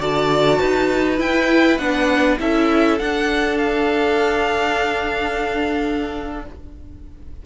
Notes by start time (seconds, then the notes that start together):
0.00 D3 F#4 D5 A5
0.59 D#4 B4
1.17 E4 G5
1.78 B3 D4 F#5
2.39 C#4 E4 A4 E5
2.99 D4 F#5
3.58 F5